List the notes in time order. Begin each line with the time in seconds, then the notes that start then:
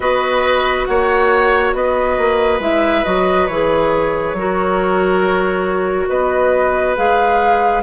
0.00 B3 F#4 B4 D#5
0.85 A#3 C#5 F#5
1.74 B3 B4 D#5
2.18 A#3
2.59 G#3 E4 E5
3.04 F#3 F#4 D#5
3.47 E3 G#4 C#5
4.33 F#3 F#4 A#4
6.08 B3 B4 D#5
6.96 G#3 G#4 F5